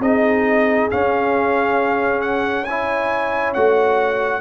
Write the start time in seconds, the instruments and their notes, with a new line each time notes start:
0.00 tuba C4, trombone D#4, horn G#4, trumpet D#5
0.91 trombone C#4, tuba C#4, trumpet F5
2.22 trumpet F#5
2.65 trombone E4, horn C#5, trumpet G#5
3.54 tuba A3, trombone F#4, trumpet F#5